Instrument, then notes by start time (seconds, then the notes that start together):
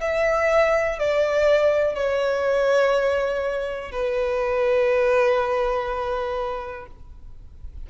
violin
0.00 E5
0.98 D5
1.94 C#5
3.91 B4